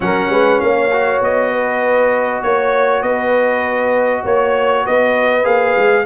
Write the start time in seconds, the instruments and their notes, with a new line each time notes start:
0.00 tuba F#3, trombone C#4, horn A#4, trumpet F#5
0.29 tuba G#3, horn B4
0.60 tuba A#3, horn C#5, trumpet F5
0.92 trombone F#4
1.20 tuba B3, trumpet D#5
1.52 horn B4
2.42 tuba A#3, trumpet C#5, horn C#5
3.02 tuba B3, horn B4, trumpet D#5
4.23 tuba A#3, horn C#5, trumpet C#5
4.84 tuba B3, horn B4, trumpet D#5
5.43 tuba A#3, trombone G#4, trumpet F5
5.77 tuba G#3